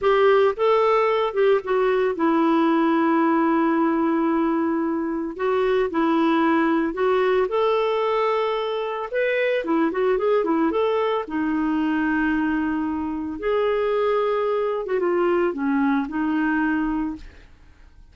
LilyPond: \new Staff \with { instrumentName = "clarinet" } { \time 4/4 \tempo 4 = 112 g'4 a'4. g'8 fis'4 | e'1~ | e'2 fis'4 e'4~ | e'4 fis'4 a'2~ |
a'4 b'4 e'8 fis'8 gis'8 e'8 | a'4 dis'2.~ | dis'4 gis'2~ gis'8. fis'16 | f'4 cis'4 dis'2 | }